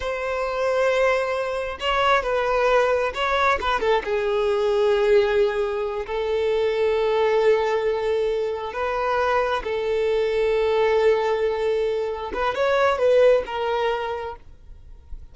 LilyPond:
\new Staff \with { instrumentName = "violin" } { \time 4/4 \tempo 4 = 134 c''1 | cis''4 b'2 cis''4 | b'8 a'8 gis'2.~ | gis'4. a'2~ a'8~ |
a'2.~ a'8 b'8~ | b'4. a'2~ a'8~ | a'2.~ a'8 b'8 | cis''4 b'4 ais'2 | }